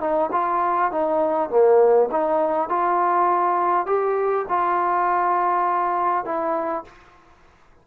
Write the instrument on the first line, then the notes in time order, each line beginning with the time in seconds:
trombone
0.00 D#4
0.32 F4
0.91 D#4
1.50 A#3
2.11 D#4
2.69 F4
3.86 G4
4.49 F4
6.25 E4